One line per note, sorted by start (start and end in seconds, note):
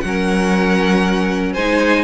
0.00 1.55 F#3
0.00 1.57 C#4
0.00 1.53 F#5
0.06 1.53 A#4
1.53 2.04 G#3
1.53 2.04 D#4
1.53 2.04 C5
1.53 2.04 G#5